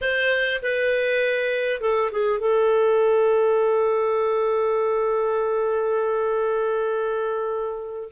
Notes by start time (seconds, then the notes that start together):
0.01 C5
0.62 B4
1.81 A4
2.11 G#4
2.39 A4